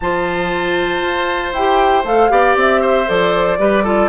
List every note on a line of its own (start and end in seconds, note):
0.00 1.02 F3
0.00 1.55 F4
0.00 2.31 C5
0.00 1.52 A5
1.02 1.52 F4
1.52 2.03 E4
1.52 2.04 G4
1.52 2.04 G5
2.03 2.29 A3
2.03 2.29 A4
2.03 2.56 F5
2.29 2.56 B3
2.29 3.06 G4
2.29 2.81 D5
2.56 3.07 C4
2.56 3.08 E5
2.81 3.58 C5
3.06 3.58 F3
3.06 3.57 A4
3.06 4.09 D5
3.58 4.09 G3
3.58 3.84 G4
3.58 3.83 B4
3.83 4.09 F4
3.83 4.09 A4